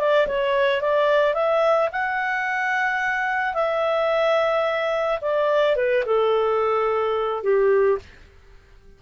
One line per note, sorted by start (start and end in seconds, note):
0.00 0.28 D5
0.28 0.82 C#5
0.82 1.35 D5
1.35 1.90 E5
1.93 3.55 F#5
3.55 5.20 E5
5.22 5.77 D5
5.77 6.04 B4
6.06 7.44 A4
7.44 7.99 G4